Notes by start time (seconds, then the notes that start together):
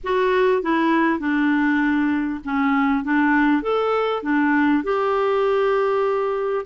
0.03 F#4
0.62 E4
1.19 D4
2.44 C#4
3.04 D4
3.62 A4
4.23 D4
4.83 G4